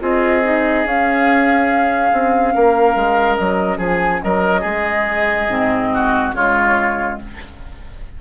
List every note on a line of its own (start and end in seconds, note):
0.00 0.85 C4
0.00 0.42 F4
0.00 2.55 G#4
0.00 0.87 D#5
0.44 0.86 D#4
0.85 2.12 C#4
0.85 5.50 C#4
0.85 3.36 F5
2.13 2.55 C4
2.55 2.96 A#3
2.55 3.78 A#4
2.96 3.38 G#3
3.36 3.79 F#3
3.36 3.79 D#5
3.78 4.21 F3
3.78 4.20 G#4
3.78 4.23 G#5
4.23 4.64 F#3
4.23 4.61 A#4
4.23 6.34 D#5
4.61 5.48 G#3
4.61 5.88 G#4
5.48 6.33 G#2
5.48 6.35 C4
5.94 6.36 F#4
6.33 7.17 C#3
6.33 7.21 G#3
6.33 7.20 F4
6.33 7.18 C#5